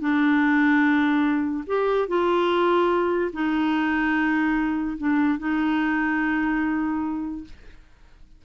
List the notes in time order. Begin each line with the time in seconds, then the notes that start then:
0.00 D4
1.67 G4
2.08 F4
3.33 D#4
4.98 D4
5.39 D#4